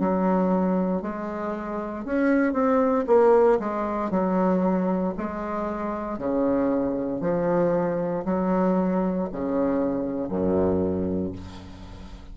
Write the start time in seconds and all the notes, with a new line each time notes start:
0.00 F#3
1.02 G#3
2.05 C#4
2.53 C4
3.08 A#3
3.60 G#3
4.11 F#3
5.18 G#3
6.19 C#3
7.21 F3
8.26 F#3
9.32 C#3
10.29 F#2